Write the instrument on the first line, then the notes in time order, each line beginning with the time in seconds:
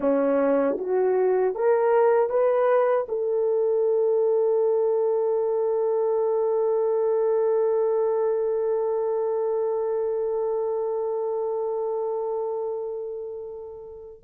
horn
0.00 C#4
0.78 F#4
1.54 A#4
2.29 B4
3.08 A4